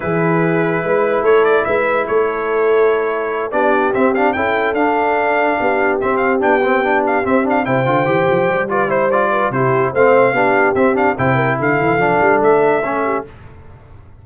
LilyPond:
<<
  \new Staff \with { instrumentName = "trumpet" } { \time 4/4 \tempo 4 = 145 b'2. cis''8 d''8 | e''4 cis''2.~ | cis''8 d''4 e''8 f''8 g''4 f''8~ | f''2~ f''8 e''8 f''8 g''8~ |
g''4 f''8 e''8 f''8 g''4.~ | g''4 d''8 c''8 d''4 c''4 | f''2 e''8 f''8 g''4 | f''2 e''2 | }
  \new Staff \with { instrumentName = "horn" } { \time 4/4 gis'2 b'4 a'4 | b'4 a'2.~ | a'8 g'2 a'4.~ | a'4. g'2~ g'8~ |
g'2~ g'8 c''4.~ | c''4 b'8 c''4 b'8 g'4 | c''4 g'2 c''8 ais'8 | a'2.~ a'8 g'8 | }
  \new Staff \with { instrumentName = "trombone" } { \time 4/4 e'1~ | e'1~ | e'8 d'4 c'8 d'8 e'4 d'8~ | d'2~ d'8 c'4 d'8 |
c'8 d'4 c'8 d'8 e'8 f'8 g'8~ | g'4 f'8 e'8 f'4 e'4 | c'4 d'4 c'8 d'8 e'4~ | e'4 d'2 cis'4 | }
  \new Staff \with { instrumentName = "tuba" } { \time 4/4 e2 gis4 a4 | gis4 a2.~ | a8 b4 c'4 cis'4 d'8~ | d'4. b4 c'4 b8~ |
b4. c'4 c8 d8 e8 | f8 g2~ g8 c4 | a4 b4 c'4 c4 | d8 e8 f8 g8 a2 | }
>>